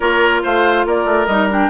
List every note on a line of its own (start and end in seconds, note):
0.00 0.43 A#3
0.00 1.27 F4
0.00 0.41 A#4
0.00 0.42 C#5
0.43 0.85 A3
0.43 0.86 C5
0.43 0.87 F5
0.85 1.05 A#3
0.85 1.69 A#4
0.85 1.26 D5
1.05 1.26 A3
1.26 1.69 G3
1.26 1.49 D#4
1.26 1.47 D#5
1.49 1.69 D4
1.49 1.69 G5